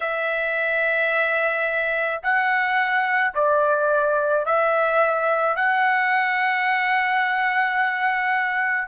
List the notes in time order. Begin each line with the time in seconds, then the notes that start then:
0.00 E5
2.22 F#5
3.34 D5
4.45 E5
5.56 F#5